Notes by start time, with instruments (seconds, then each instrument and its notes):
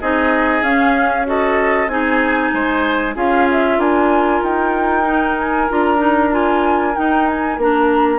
0.00 bassoon C4, clarinet D#4, oboe G#4, flute D#5
0.62 bassoon C#4, clarinet C#4, flute F5
1.26 clarinet F#4, oboe A4, flute D#5
1.87 bassoon C4, clarinet D#4, oboe G#4, flute G#5
2.53 bassoon G#3, oboe C5
3.15 bassoon C#4, clarinet F4, oboe G#4, flute F5
3.51 flute E5
3.78 bassoon D4, oboe A#4, flute G#5
4.43 bassoon D#4, flute G5
5.05 clarinet D#4
5.38 flute G#5
5.69 bassoon D4, clarinet F4, flute A#5
5.97 clarinet D#4
6.31 clarinet F4, flute G#5
6.95 clarinet D#4, bassoon D#4, flute G5
7.27 flute G#5
7.58 bassoon A#3, clarinet D4, flute A#5